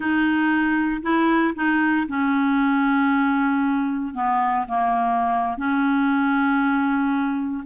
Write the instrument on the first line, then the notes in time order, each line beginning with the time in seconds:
clarinet
0.00 D#4
1.02 E4
1.55 D#4
2.08 C#4
4.14 B3
4.68 A#3
5.57 C#4